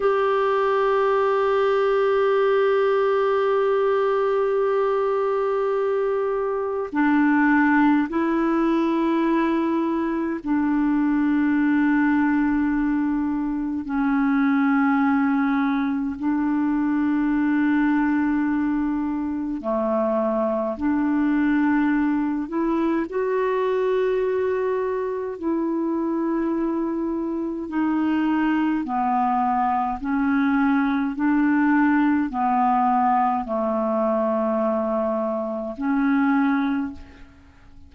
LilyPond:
\new Staff \with { instrumentName = "clarinet" } { \time 4/4 \tempo 4 = 52 g'1~ | g'2 d'4 e'4~ | e'4 d'2. | cis'2 d'2~ |
d'4 a4 d'4. e'8 | fis'2 e'2 | dis'4 b4 cis'4 d'4 | b4 a2 cis'4 | }